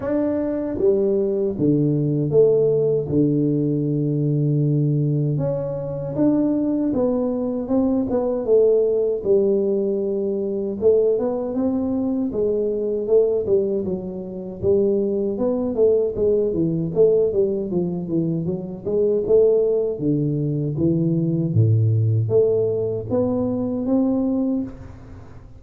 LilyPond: \new Staff \with { instrumentName = "tuba" } { \time 4/4 \tempo 4 = 78 d'4 g4 d4 a4 | d2. cis'4 | d'4 b4 c'8 b8 a4 | g2 a8 b8 c'4 |
gis4 a8 g8 fis4 g4 | b8 a8 gis8 e8 a8 g8 f8 e8 | fis8 gis8 a4 d4 e4 | a,4 a4 b4 c'4 | }